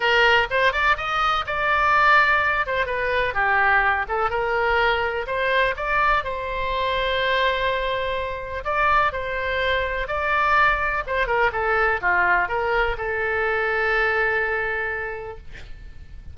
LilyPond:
\new Staff \with { instrumentName = "oboe" } { \time 4/4 \tempo 4 = 125 ais'4 c''8 d''8 dis''4 d''4~ | d''4. c''8 b'4 g'4~ | g'8 a'8 ais'2 c''4 | d''4 c''2.~ |
c''2 d''4 c''4~ | c''4 d''2 c''8 ais'8 | a'4 f'4 ais'4 a'4~ | a'1 | }